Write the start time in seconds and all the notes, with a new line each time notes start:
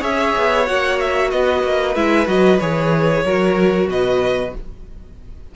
0.00 C#4 G#4 C#5 E5
0.38 B3
0.66 A#3 F#4 F#5
1.00 E5
1.31 B3 B4 D#5
1.64 A#3
1.96 G#3 E4 E5
2.27 F#3 F#4 D#5
2.60 E3 G#4 C#5
3.24 F#3 F#4 A#4
3.88 B2 B4 D#5